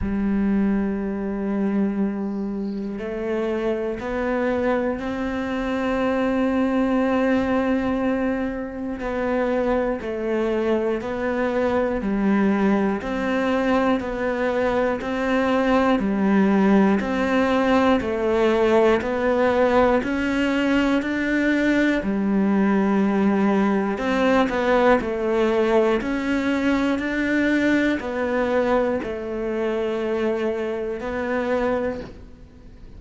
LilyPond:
\new Staff \with { instrumentName = "cello" } { \time 4/4 \tempo 4 = 60 g2. a4 | b4 c'2.~ | c'4 b4 a4 b4 | g4 c'4 b4 c'4 |
g4 c'4 a4 b4 | cis'4 d'4 g2 | c'8 b8 a4 cis'4 d'4 | b4 a2 b4 | }